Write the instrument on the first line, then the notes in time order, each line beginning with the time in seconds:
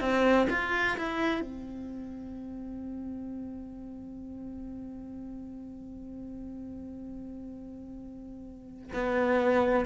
cello
0.00 C4
0.50 F4
0.98 E4
1.41 C4
8.93 B3